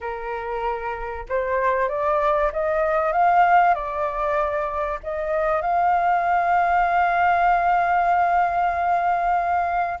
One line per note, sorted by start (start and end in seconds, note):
0.00 1.25 A#4
1.28 1.89 C5
1.89 2.51 D5
2.52 3.12 D#5
3.12 3.74 F5
3.74 4.99 D5
5.03 5.61 D#5
5.61 9.99 F5